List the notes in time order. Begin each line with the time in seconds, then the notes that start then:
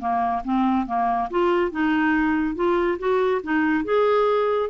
0.00 A#3
0.45 C4
0.87 A#3
1.31 F4
1.71 D#4
2.56 F4
2.99 F#4
3.43 D#4
3.85 G#4